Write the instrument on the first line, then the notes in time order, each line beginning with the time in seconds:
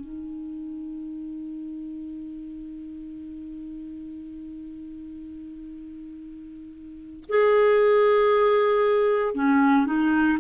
clarinet
0.00 D#4
7.28 G#4
9.34 C#4
9.86 D#4